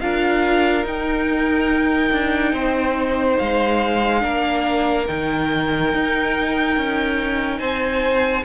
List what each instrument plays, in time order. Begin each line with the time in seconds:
0.00 cello D4, viola F4, violin A#4 F5
0.83 cello D#4, viola D#4, violin G5
2.11 cello D4
2.52 cello C4, violin C5
3.38 cello G#3, violin F5
4.20 cello A#3, viola D4, violin A#4
5.07 cello D#3, viola D#4, violin G5
5.93 cello D#4
6.76 cello C#4
7.58 cello C4, violin C5 G#5